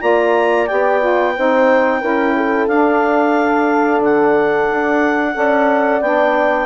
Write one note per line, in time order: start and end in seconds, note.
0.00 0.69 A#3
0.00 0.67 F4
0.00 1.34 D5
0.00 0.67 A#5
0.67 1.38 B3
0.67 1.00 G4
0.67 2.67 G5
1.00 1.34 F4
1.36 2.02 C4
1.36 2.01 D#4
1.36 2.01 C5
2.01 2.67 C#4
2.01 2.68 E4
2.01 2.34 A#4
2.36 5.36 A4
2.67 4.00 D4
2.67 5.34 D4
2.67 4.01 F5
4.00 4.67 D3
4.00 6.01 F#5
4.71 5.35 D4
5.34 6.01 C#4
5.34 6.01 A4
5.34 6.66 D5
6.01 6.66 B3
6.01 6.66 D4
6.01 6.66 G5